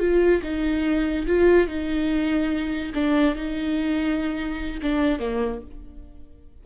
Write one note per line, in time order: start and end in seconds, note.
0.00 0.42 F4
0.43 1.27 D#4
1.27 1.68 F4
1.68 2.93 D#4
2.95 3.35 D4
3.35 4.81 D#4
4.82 5.19 D4
5.19 5.61 A#3